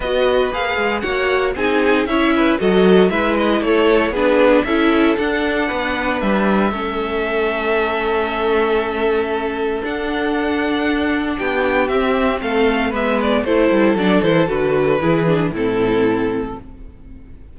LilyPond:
<<
  \new Staff \with { instrumentName = "violin" } { \time 4/4 \tempo 4 = 116 dis''4 f''4 fis''4 gis''4 | e''4 dis''4 e''8 dis''8 cis''4 | b'4 e''4 fis''2 | e''1~ |
e''2. fis''4~ | fis''2 g''4 e''4 | f''4 e''8 d''8 c''4 d''8 c''8 | b'2 a'2 | }
  \new Staff \with { instrumentName = "violin" } { \time 4/4 b'2 cis''4 gis'4 | cis''8 b'8 a'4 b'4 a'4 | gis'4 a'2 b'4~ | b'4 a'2.~ |
a'1~ | a'2 g'2 | a'4 b'4 a'2~ | a'4 gis'4 e'2 | }
  \new Staff \with { instrumentName = "viola" } { \time 4/4 fis'4 gis'4 fis'4 dis'4 | e'4 fis'4 e'2 | d'4 e'4 d'2~ | d'4 cis'2.~ |
cis'2. d'4~ | d'2. c'4~ | c'4 b4 e'4 d'8 e'8 | fis'4 e'8 d'8 c'2 | }
  \new Staff \with { instrumentName = "cello" } { \time 4/4 b4 ais8 gis8 ais4 c'4 | cis'4 fis4 gis4 a4 | b4 cis'4 d'4 b4 | g4 a2.~ |
a2. d'4~ | d'2 b4 c'4 | a4 gis4 a8 g8 fis8 e8 | d4 e4 a,2 | }
>>